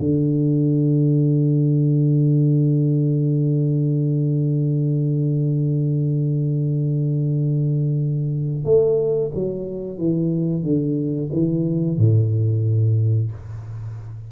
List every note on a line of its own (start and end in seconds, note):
0.00 8.65 D3
8.65 9.32 A3
9.35 9.98 F#3
9.98 10.63 E3
10.63 11.30 D3
11.33 11.98 E3
11.98 13.32 A2